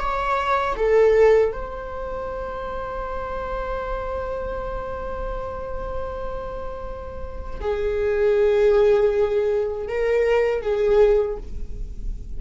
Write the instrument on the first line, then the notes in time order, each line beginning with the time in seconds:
viola
0.00 C#5
0.77 A4
1.53 C5
7.61 G#4
9.88 A#4
10.62 G#4